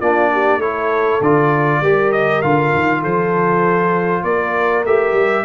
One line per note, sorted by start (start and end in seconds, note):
0.00 0.58 A#3
0.00 0.61 D4
0.00 0.30 F4
0.00 0.61 D5
0.33 0.59 G4
0.58 1.19 A3
0.58 1.21 E4
0.58 1.80 A4
0.58 1.22 C#5
1.21 1.81 D3
1.21 1.84 F4
1.21 2.12 D5
1.81 2.42 G3
1.81 2.43 G4
1.81 3.01 A#4
2.12 2.42 D#5
2.42 2.74 D3
2.42 4.86 F4
2.42 3.03 F5
2.74 3.05 D#3
3.01 4.24 F3
3.01 4.22 A4
3.01 4.24 C5
4.24 4.84 A#3
4.24 5.45 A#4
4.24 4.85 D5
4.84 5.13 A3
4.84 5.45 G4
4.84 5.45 E5
5.13 5.43 G3